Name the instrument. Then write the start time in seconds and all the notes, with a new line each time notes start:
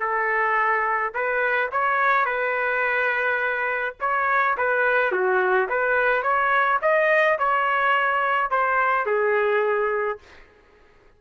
trumpet
0.00 A4
1.14 B4
1.72 C#5
2.25 B4
4.00 C#5
4.57 B4
5.12 F#4
5.69 B4
6.23 C#5
6.82 D#5
7.38 C#5
8.51 C5
9.06 G#4